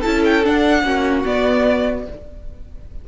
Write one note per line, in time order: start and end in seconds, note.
0.00 0.47 C#4
0.00 0.44 E4
0.00 0.82 A4
0.00 0.23 A5
0.25 0.45 G5
0.44 0.84 D4
0.44 0.83 D4
0.44 1.26 F#5
0.83 1.24 A#3
0.83 1.25 C#4
0.83 2.07 F#4
1.25 2.06 B3
1.25 2.07 B3
1.25 2.08 D5